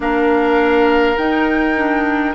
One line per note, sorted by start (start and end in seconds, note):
0.00 1.16 A#3
0.00 1.16 D4
0.00 2.35 A#4
0.00 1.17 F5
1.17 1.75 D#4
1.17 2.35 D#4
1.17 2.35 G5
1.75 2.34 D4